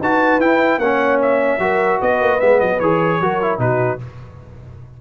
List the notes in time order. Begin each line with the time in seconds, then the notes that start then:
0.00 D#4 F#4 B4 A5
0.38 E4 G5
0.78 A#3 C#4 C#5 F#5
1.21 E5
1.58 F#3 F#4 A#4
2.00 B3 B4 D#5
2.21 A#3
2.39 G#3 B3 E5
2.60 F#3 D#5
2.79 E3 G#4 C#5
3.20 F#3 F#4 A#4
3.41 E4
3.58 B2 D#4 F#4 B4